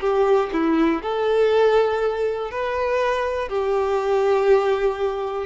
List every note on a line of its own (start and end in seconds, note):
0.00 0.50 G4
0.52 1.02 E4
1.02 2.51 A4
2.51 3.48 B4
3.48 5.46 G4